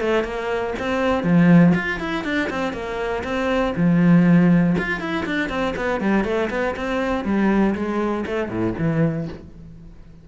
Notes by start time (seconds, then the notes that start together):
0.00 A3
0.24 A#3
0.79 C4
1.23 F3
1.74 F4
1.99 E4
2.24 D4
2.50 C4
2.73 A#3
3.23 C4
3.76 F3
4.78 F4
5.00 E4
5.25 D4
5.49 C4
5.76 B3
6.00 G3
6.24 A3
6.50 B3
6.76 C4
7.24 G3
7.75 G#3
8.26 A3
8.48 A2
8.78 E3